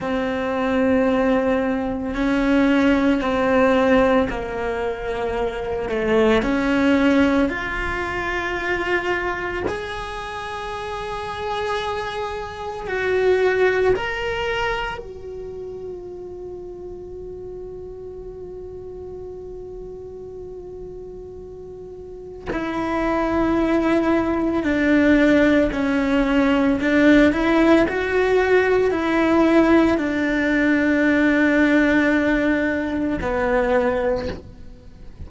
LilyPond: \new Staff \with { instrumentName = "cello" } { \time 4/4 \tempo 4 = 56 c'2 cis'4 c'4 | ais4. a8 cis'4 f'4~ | f'4 gis'2. | fis'4 ais'4 fis'2~ |
fis'1~ | fis'4 e'2 d'4 | cis'4 d'8 e'8 fis'4 e'4 | d'2. b4 | }